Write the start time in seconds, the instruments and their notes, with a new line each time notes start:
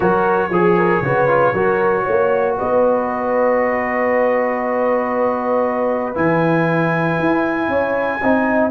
0.00 tuba F#3, trombone F#4, horn A#4, trumpet C#5
0.49 tuba F3, horn G#4, trombone G#4
0.77 horn A#4
1.01 tuba C#3, trombone F#4, horn B4
1.28 trombone F4
1.53 tuba F#3, trombone F#4, horn A#4
2.03 tuba A#3, horn C#5
2.56 tuba B3, horn B4, trumpet D#5
6.15 tuba E3, trombone E4, trumpet G#5
7.19 tuba E4
7.68 tuba C#4, horn C#5
8.21 tuba C4, trombone D#4, horn D#5